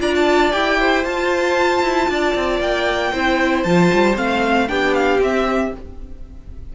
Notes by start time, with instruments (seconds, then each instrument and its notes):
0.00 cello D4, viola F4, violin D5 A#5
0.15 violin A5
0.52 cello E4, viola G4, violin G5
0.80 violin C5
1.04 viola F4, cello F4, violin A5
1.83 cello E4
2.09 cello D4, violin D5
2.36 cello C4
2.60 cello A#3, violin G5
3.12 cello C4, viola E4, violin C5
3.63 cello F3, viola F4, violin A5
3.93 cello G3
4.15 cello A3, viola C4, violin F5
4.67 cello B3, viola D4, violin G4 G5
4.94 violin F5
5.19 cello C4, viola C4, violin E5